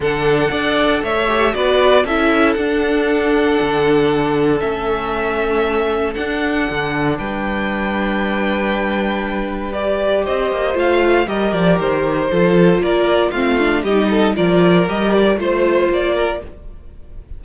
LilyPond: <<
  \new Staff \with { instrumentName = "violin" } { \time 4/4 \tempo 4 = 117 fis''2 e''4 d''4 | e''4 fis''2.~ | fis''4 e''2. | fis''2 g''2~ |
g''2. d''4 | dis''4 f''4 dis''8 d''8 c''4~ | c''4 d''4 f''4 dis''4 | d''4 dis''8 d''8 c''4 d''4 | }
  \new Staff \with { instrumentName = "violin" } { \time 4/4 a'4 d''4 cis''4 b'4 | a'1~ | a'1~ | a'2 b'2~ |
b'1 | c''2 ais'2 | a'4 ais'4 f'4 g'8 a'8 | ais'2 c''4. ais'8 | }
  \new Staff \with { instrumentName = "viola" } { \time 4/4 d'4 a'4. g'8 fis'4 | e'4 d'2.~ | d'4 cis'2. | d'1~ |
d'2. g'4~ | g'4 f'4 g'2 | f'2 c'8 d'8 dis'4 | f'4 g'4 f'2 | }
  \new Staff \with { instrumentName = "cello" } { \time 4/4 d4 d'4 a4 b4 | cis'4 d'2 d4~ | d4 a2. | d'4 d4 g2~ |
g1 | c'8 ais8 a4 g8 f8 dis4 | f4 ais4 a4 g4 | f4 g4 a4 ais4 | }
>>